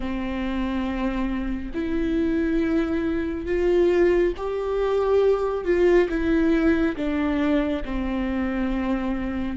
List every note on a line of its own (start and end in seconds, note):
0.00 1.72 C4
1.74 3.46 E4
3.46 4.33 F4
4.36 5.64 G4
5.64 6.08 F4
6.09 6.96 E4
6.96 7.83 D4
7.84 9.57 C4